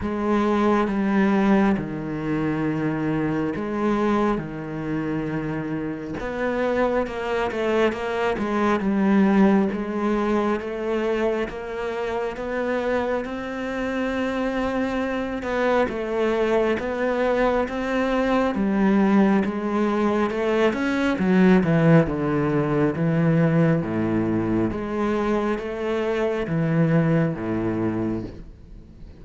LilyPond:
\new Staff \with { instrumentName = "cello" } { \time 4/4 \tempo 4 = 68 gis4 g4 dis2 | gis4 dis2 b4 | ais8 a8 ais8 gis8 g4 gis4 | a4 ais4 b4 c'4~ |
c'4. b8 a4 b4 | c'4 g4 gis4 a8 cis'8 | fis8 e8 d4 e4 a,4 | gis4 a4 e4 a,4 | }